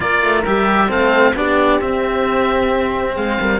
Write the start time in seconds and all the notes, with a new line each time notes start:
0.00 A#3 F4 A#4 D5
0.23 A3
0.45 G3 G4 E5
0.88 A3 C4 A4 F5
1.34 B3 D4 G4 D5
1.80 C4 E5
3.14 G#3 G#4 F5
3.40 G3 A#4